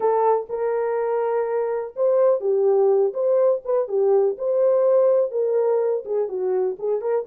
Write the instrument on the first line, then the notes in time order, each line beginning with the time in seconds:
horn
0.00 A4
0.49 A#4
1.96 C5
2.40 G4
3.13 C5
3.64 B4
3.88 G4
4.38 C5
5.31 A#4
6.05 G#4
6.28 F#4
6.78 G#4
7.01 A#4